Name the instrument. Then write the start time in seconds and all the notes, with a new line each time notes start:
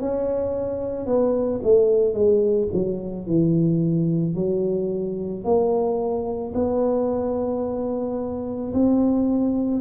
tuba
0.00 C#4
1.06 B3
1.63 A3
2.14 G#3
2.73 F#3
3.27 E3
4.35 F#3
5.44 A#3
6.55 B3
8.74 C4